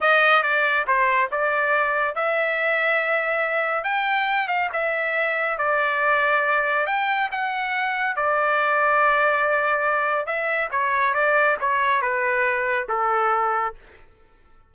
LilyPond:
\new Staff \with { instrumentName = "trumpet" } { \time 4/4 \tempo 4 = 140 dis''4 d''4 c''4 d''4~ | d''4 e''2.~ | e''4 g''4. f''8 e''4~ | e''4 d''2. |
g''4 fis''2 d''4~ | d''1 | e''4 cis''4 d''4 cis''4 | b'2 a'2 | }